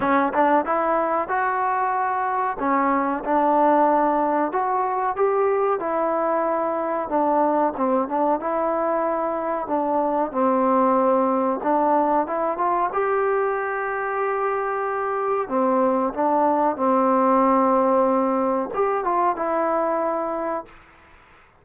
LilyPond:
\new Staff \with { instrumentName = "trombone" } { \time 4/4 \tempo 4 = 93 cis'8 d'8 e'4 fis'2 | cis'4 d'2 fis'4 | g'4 e'2 d'4 | c'8 d'8 e'2 d'4 |
c'2 d'4 e'8 f'8 | g'1 | c'4 d'4 c'2~ | c'4 g'8 f'8 e'2 | }